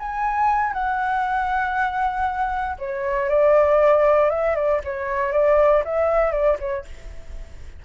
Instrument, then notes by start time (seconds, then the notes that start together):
flute
0.00 G#5
0.74 F#5
2.79 C#5
3.29 D5
4.30 E5
4.56 D5
4.85 C#5
5.33 D5
5.85 E5
6.33 D5
6.60 C#5